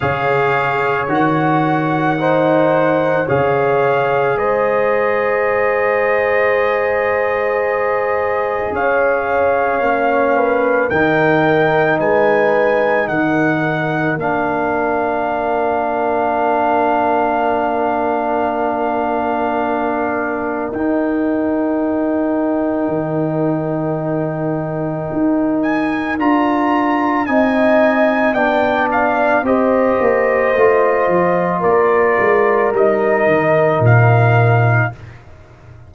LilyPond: <<
  \new Staff \with { instrumentName = "trumpet" } { \time 4/4 \tempo 4 = 55 f''4 fis''2 f''4 | dis''1 | f''2 g''4 gis''4 | fis''4 f''2.~ |
f''2. g''4~ | g''2.~ g''8 gis''8 | ais''4 gis''4 g''8 f''8 dis''4~ | dis''4 d''4 dis''4 f''4 | }
  \new Staff \with { instrumentName = "horn" } { \time 4/4 cis''2 c''4 cis''4 | c''1 | cis''4. b'8 ais'4 b'4 | ais'1~ |
ais'1~ | ais'1~ | ais'4 dis''4 d''4 c''4~ | c''4 ais'2. | }
  \new Staff \with { instrumentName = "trombone" } { \time 4/4 gis'4 fis'4 dis'4 gis'4~ | gis'1~ | gis'4 cis'4 dis'2~ | dis'4 d'2.~ |
d'2. dis'4~ | dis'1 | f'4 dis'4 d'4 g'4 | f'2 dis'2 | }
  \new Staff \with { instrumentName = "tuba" } { \time 4/4 cis4 dis2 cis4 | gis1 | cis'4 ais4 dis4 gis4 | dis4 ais2.~ |
ais2. dis'4~ | dis'4 dis2 dis'4 | d'4 c'4 b4 c'8 ais8 | a8 f8 ais8 gis8 g8 dis8 ais,4 | }
>>